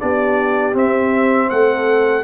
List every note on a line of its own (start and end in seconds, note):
0.00 0.75 B3
0.00 0.73 D4
0.00 1.50 G4
0.00 0.75 D5
0.73 2.23 C4
0.73 1.50 C4
0.73 1.50 E5
1.50 2.24 A3
1.50 2.24 A4
1.50 2.24 F#5